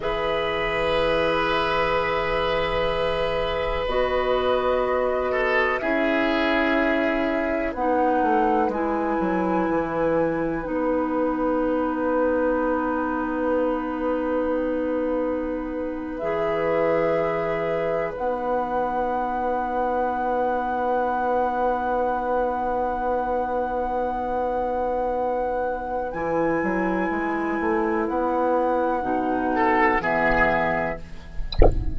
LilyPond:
<<
  \new Staff \with { instrumentName = "flute" } { \time 4/4 \tempo 4 = 62 e''1 | dis''2 e''2 | fis''4 gis''2 fis''4~ | fis''1~ |
fis''8. e''2 fis''4~ fis''16~ | fis''1~ | fis''2. gis''4~ | gis''4 fis''2 e''4 | }
  \new Staff \with { instrumentName = "oboe" } { \time 4/4 b'1~ | b'4. a'8 gis'2 | b'1~ | b'1~ |
b'1~ | b'1~ | b'1~ | b'2~ b'8 a'8 gis'4 | }
  \new Staff \with { instrumentName = "clarinet" } { \time 4/4 gis'1 | fis'2 e'2 | dis'4 e'2 dis'4~ | dis'1~ |
dis'8. gis'2 dis'4~ dis'16~ | dis'1~ | dis'2. e'4~ | e'2 dis'4 b4 | }
  \new Staff \with { instrumentName = "bassoon" } { \time 4/4 e1 | b2 cis'2 | b8 a8 gis8 fis8 e4 b4~ | b1~ |
b8. e2 b4~ b16~ | b1~ | b2. e8 fis8 | gis8 a8 b4 b,4 e4 | }
>>